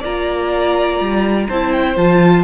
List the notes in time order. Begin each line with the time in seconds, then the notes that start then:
0.00 A#3 F4 D5 A#5
1.00 G3
1.48 C4 E4 C5 A5
1.72 G5
1.97 F3 F4 A5